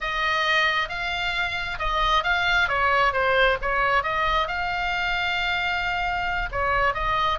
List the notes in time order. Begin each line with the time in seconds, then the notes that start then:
0.01 D#5
0.88 F5
1.78 D#5
2.23 F5
2.68 C#5
3.12 C5
3.61 C#5
4.03 D#5
4.47 F5
6.51 C#5
6.94 D#5